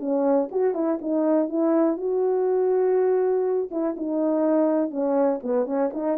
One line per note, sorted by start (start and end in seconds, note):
0.00 0.49 C#4
0.52 0.75 F#4
0.75 0.99 E4
1.02 1.49 D#4
1.49 1.97 E4
1.97 3.70 F#4
3.71 3.96 E4
3.97 4.91 D#4
4.91 5.40 C#4
5.43 5.66 B3
5.66 5.91 C#4
5.94 6.18 D#4